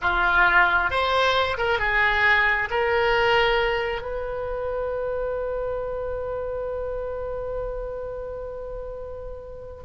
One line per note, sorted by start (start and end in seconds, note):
0.01 0.90 F4
0.90 1.57 C5
1.57 1.79 A#4
1.79 2.68 G#4
2.70 4.01 A#4
4.01 9.83 B4